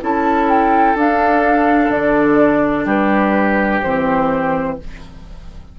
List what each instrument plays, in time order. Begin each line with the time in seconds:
0.00 bassoon C#4, clarinet E4, oboe A4, flute A5
0.49 flute G5
0.95 bassoon D4, clarinet D4, flute F5
1.89 bassoon D3, flute D5
2.85 bassoon G3, oboe G4, flute B4
3.82 bassoon E3, clarinet C4, flute C5